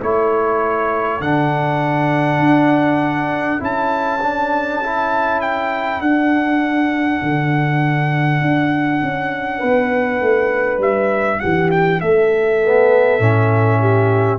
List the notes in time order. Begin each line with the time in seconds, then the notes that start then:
0.00 A3 E4 A4 C#5
1.20 D3 D4 F#5
2.39 D4
3.60 C#4 E4 A5
4.22 D4
4.83 E4
5.41 G5
6.00 D4 F#5
7.22 D3
8.41 D4
9.02 C#4
9.58 B3 B4
10.21 A3
10.79 G3 E5
11.40 E3 G4 F#5
11.71 G5
12.01 A3 A4 E5
12.63 B3
13.20 A2 C#4
13.80 G4